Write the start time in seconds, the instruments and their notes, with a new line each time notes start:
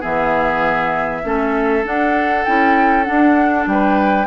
0.00 bassoon E3, clarinet B3, oboe G#4, flute E5
1.23 bassoon A3, clarinet C#4, oboe A4
1.83 clarinet D4, bassoon D4, flute F#5
2.45 bassoon C#4, clarinet E4, flute G5
3.04 clarinet D4, bassoon D4, flute F#5
3.66 bassoon G3, oboe B4, flute G5